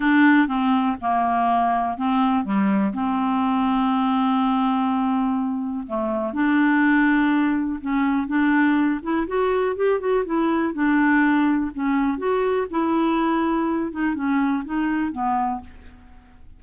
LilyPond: \new Staff \with { instrumentName = "clarinet" } { \time 4/4 \tempo 4 = 123 d'4 c'4 ais2 | c'4 g4 c'2~ | c'1 | a4 d'2. |
cis'4 d'4. e'8 fis'4 | g'8 fis'8 e'4 d'2 | cis'4 fis'4 e'2~ | e'8 dis'8 cis'4 dis'4 b4 | }